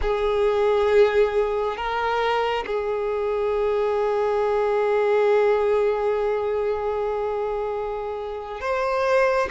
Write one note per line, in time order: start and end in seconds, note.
0.01 1.76 G#4
1.76 2.65 A#4
2.66 8.60 G#4
8.60 9.49 C5